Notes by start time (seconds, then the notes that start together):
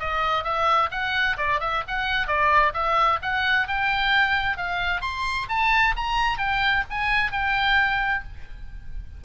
0.00 D#5
0.44 E5
0.92 F#5
1.38 D5
1.61 E5
1.88 F#5
2.28 D5
2.74 E5
3.22 F#5
3.68 G5
4.58 F5
5.02 C6
5.49 A5
5.97 A#5
6.39 G5
6.90 G#5
7.32 G5